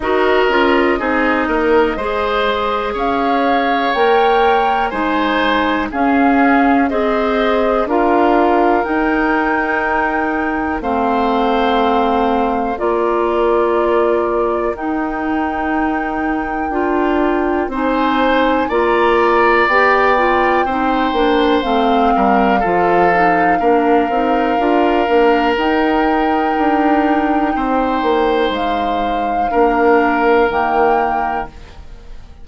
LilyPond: <<
  \new Staff \with { instrumentName = "flute" } { \time 4/4 \tempo 4 = 61 dis''2. f''4 | g''4 gis''4 f''4 dis''4 | f''4 g''2 f''4~ | f''4 d''2 g''4~ |
g''2 gis''4 ais''4 | g''2 f''2~ | f''2 g''2~ | g''4 f''2 g''4 | }
  \new Staff \with { instrumentName = "oboe" } { \time 4/4 ais'4 gis'8 ais'8 c''4 cis''4~ | cis''4 c''4 gis'4 c''4 | ais'2. c''4~ | c''4 ais'2.~ |
ais'2 c''4 d''4~ | d''4 c''4. ais'8 a'4 | ais'1 | c''2 ais'2 | }
  \new Staff \with { instrumentName = "clarinet" } { \time 4/4 fis'8 f'8 dis'4 gis'2 | ais'4 dis'4 cis'4 gis'4 | f'4 dis'2 c'4~ | c'4 f'2 dis'4~ |
dis'4 f'4 dis'4 f'4 | g'8 f'8 dis'8 d'8 c'4 f'8 dis'8 | d'8 dis'8 f'8 d'8 dis'2~ | dis'2 d'4 ais4 | }
  \new Staff \with { instrumentName = "bassoon" } { \time 4/4 dis'8 cis'8 c'8 ais8 gis4 cis'4 | ais4 gis4 cis'4 c'4 | d'4 dis'2 a4~ | a4 ais2 dis'4~ |
dis'4 d'4 c'4 ais4 | b4 c'8 ais8 a8 g8 f4 | ais8 c'8 d'8 ais8 dis'4 d'4 | c'8 ais8 gis4 ais4 dis4 | }
>>